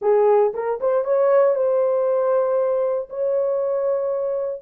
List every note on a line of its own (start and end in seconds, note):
0.01 0.52 G#4
0.53 0.79 A#4
0.80 1.04 C5
1.04 1.55 C#5
1.55 3.09 C5
3.09 4.62 C#5